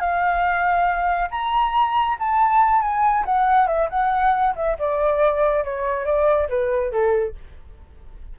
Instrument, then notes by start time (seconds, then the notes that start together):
flute
0.00 F5
1.31 A#5
2.20 A5
2.82 G#5
3.26 F#5
3.67 E5
3.90 F#5
4.56 E5
4.79 D5
5.64 C#5
6.05 D5
6.49 B4
6.92 A4